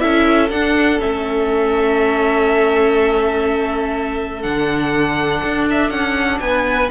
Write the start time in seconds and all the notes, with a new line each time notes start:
0.00 C#4 E4 A4 E5
0.51 D4 F#5
0.99 A3 C#4 E5
4.43 D3 D4 F#5
5.44 D4
5.71 E5
5.91 C#4 F#5
6.40 B3 B4 G#5